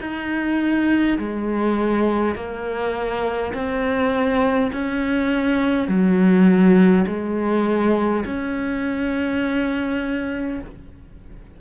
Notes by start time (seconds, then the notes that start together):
0.00 D#4
1.18 G#3
2.35 A#3
3.53 C4
4.72 C#4
5.88 F#3
7.06 G#3
8.25 C#4